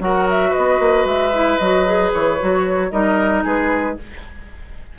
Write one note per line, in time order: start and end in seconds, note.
0.00 0.53 F#3
0.00 1.32 F#4
0.00 0.50 A#4
0.00 0.28 F#5
0.30 0.54 E5
0.50 2.87 B4
0.50 1.07 D#5
0.57 0.79 B3
0.79 1.05 A#3
1.05 1.58 G#3
1.05 1.58 E5
1.34 1.60 E4
1.58 2.13 F#3
1.58 1.86 F#4
1.58 2.11 D#5
1.86 2.38 G#4
2.13 2.40 E3
2.13 2.91 C#5
2.40 2.92 F#3
2.40 2.92 F#4
2.91 3.45 G3
2.91 3.97 D#4
2.91 3.44 A#4
2.91 3.44 D#5
3.44 3.98 G#3
3.44 3.96 G#4
3.44 3.99 B4